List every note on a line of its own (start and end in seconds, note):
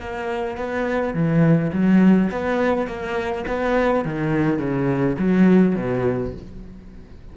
0.00 0.57 A#3
0.57 1.14 B3
1.14 1.72 E3
1.73 2.30 F#3
2.31 2.87 B3
2.87 3.45 A#3
3.47 4.05 B3
4.05 4.59 D#3
4.59 5.16 C#3
5.18 5.75 F#3
5.75 6.33 B2